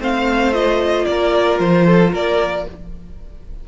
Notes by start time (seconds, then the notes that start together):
0.00 A3 C4 C5 F5
0.53 F4 D#5
1.06 A#3 A#4 D5
1.60 F3 C5
1.86 A4
2.12 A#3 A#4 D5